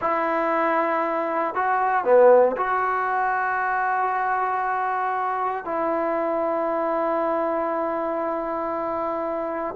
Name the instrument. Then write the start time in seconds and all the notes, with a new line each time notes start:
trombone
0.01 E4
1.54 F#4
2.04 B3
2.56 F#4
5.64 E4